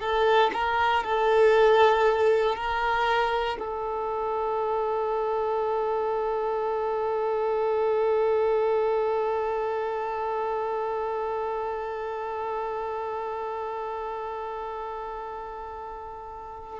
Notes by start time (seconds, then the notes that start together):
0.00 A4
0.54 A#4
1.04 A4
2.56 A#4
3.59 A4